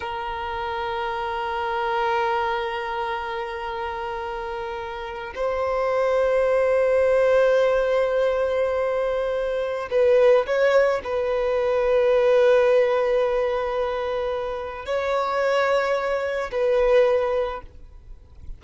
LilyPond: \new Staff \with { instrumentName = "violin" } { \time 4/4 \tempo 4 = 109 ais'1~ | ais'1~ | ais'4.~ ais'16 c''2~ c''16~ | c''1~ |
c''2 b'4 cis''4 | b'1~ | b'2. cis''4~ | cis''2 b'2 | }